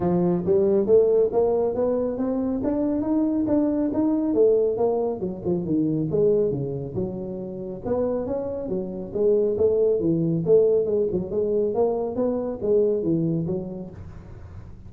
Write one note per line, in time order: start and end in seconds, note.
0.00 0.43 F3
0.45 0.86 G3
0.86 1.30 A3
1.32 1.74 A#3
1.74 2.17 B3
2.17 2.61 C4
2.63 3.01 D4
3.01 3.45 D#4
3.47 3.90 D4
3.93 4.34 D#4
4.34 4.77 A3
4.77 5.20 A#3
5.20 5.41 F#3
5.44 5.64 F3
5.64 6.08 D#3
6.11 6.51 G#3
6.51 6.94 C#3
6.94 7.81 F#3
7.85 8.26 B3
8.26 8.68 C#4
8.68 9.12 F#3
9.13 9.57 G#3
9.57 10.00 A3
10.00 10.43 E3
10.45 10.85 A3
10.85 11.07 G#3
11.11 11.30 F#3
11.30 11.74 G#3
11.74 12.15 A#3
12.15 12.59 B3
12.61 13.03 G#3
13.03 13.46 E3
13.46 13.90 F#3